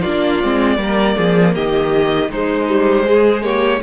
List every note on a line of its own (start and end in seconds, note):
0.00 0.43 A#3
0.00 0.43 D4
0.00 0.76 F4
0.00 1.53 D5
0.43 0.77 G#3
0.43 0.78 C4
0.77 1.15 G3
0.77 2.29 A#3
0.77 1.16 A#4
1.16 1.55 F3
1.16 1.54 G#4
1.54 2.30 D#3
1.54 2.30 G4
1.54 2.31 D#5
2.30 3.82 G#3
2.30 2.69 G#3
2.30 3.06 D#4
2.30 3.43 C5
2.69 3.06 G3
3.06 3.43 G#3
3.06 3.43 G#4
3.43 3.81 A#3
3.43 3.81 G4
3.43 3.81 C#5